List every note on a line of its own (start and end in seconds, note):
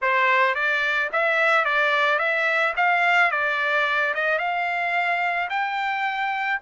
0.01 0.54 C5
0.54 1.09 D5
1.12 1.65 E5
1.65 2.18 D5
2.18 2.73 E5
2.76 3.31 F5
3.31 4.13 D5
4.14 4.38 D#5
4.38 5.48 F5
5.49 6.59 G5